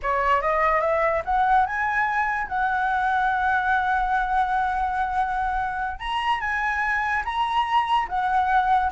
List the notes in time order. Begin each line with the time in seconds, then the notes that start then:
0.02 C#5
0.41 D#5
0.81 E5
1.24 F#5
1.66 G#5
2.47 F#5
5.99 A#5
6.40 G#5
7.24 A#5
8.08 F#5